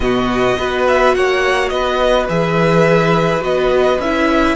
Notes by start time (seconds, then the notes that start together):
0.00 B2 B3 F#4 D#5
0.57 B3 F#4 B4
0.87 E5
1.14 A#3 C#5 F#5
1.68 B3 B4 D#5
2.28 E3 G#4 E5
3.40 B3 F#4 D#5
3.98 C#4 E4 E5